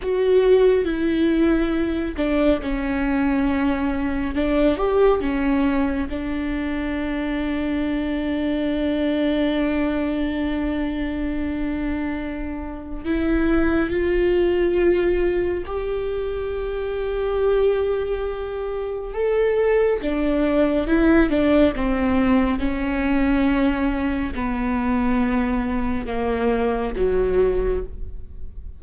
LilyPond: \new Staff \with { instrumentName = "viola" } { \time 4/4 \tempo 4 = 69 fis'4 e'4. d'8 cis'4~ | cis'4 d'8 g'8 cis'4 d'4~ | d'1~ | d'2. e'4 |
f'2 g'2~ | g'2 a'4 d'4 | e'8 d'8 c'4 cis'2 | b2 ais4 fis4 | }